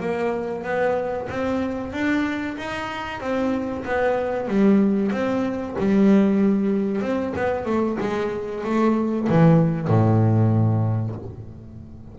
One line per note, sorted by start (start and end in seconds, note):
0.00 0.64 A#3
0.64 1.28 B3
1.29 1.93 C4
1.93 2.56 D4
2.57 3.20 D#4
3.20 3.84 C4
3.85 4.48 B3
4.48 5.12 G3
5.12 5.75 C4
5.79 7.02 G3
7.02 7.33 C4
7.36 7.65 B3
7.65 7.97 A3
8.00 8.64 G#3
8.64 9.28 A3
9.29 9.88 E3
9.88 11.15 A2